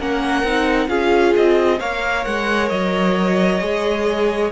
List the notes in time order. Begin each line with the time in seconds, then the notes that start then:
0.00 A#3 C#4 A#4 F#5
0.44 C4 D#4
0.88 C#4 F4 G#4 F5
1.36 C4 D#5
1.79 A#3 A#4 C#5 F5
2.25 G#3 F#5
2.69 F#3 D#5
3.61 G#3 G#4